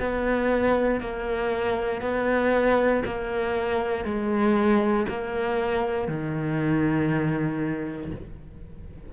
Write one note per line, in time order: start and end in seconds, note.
0.00 1.01 B3
1.01 2.02 A#3
2.02 3.03 B3
3.06 4.05 A#3
4.05 5.07 G#3
5.09 6.08 A#3
6.08 8.11 D#3